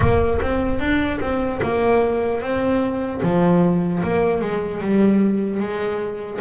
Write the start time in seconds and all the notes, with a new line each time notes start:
0.00 A#3
0.41 C4
0.79 D4
1.20 C4
1.62 A#3
2.41 C4
3.22 F3
4.03 A#3
4.41 G#3
4.80 G3
5.60 G#3